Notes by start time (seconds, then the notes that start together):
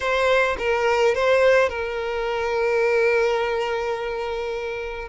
0.00 C5
0.58 A#4
1.14 C5
1.69 A#4